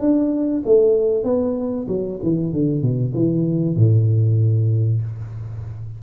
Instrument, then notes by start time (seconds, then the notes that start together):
tuba
0.00 D4
0.65 A3
1.24 B3
1.88 F#3
2.22 E3
2.52 D3
2.81 B2
3.14 E3
3.76 A2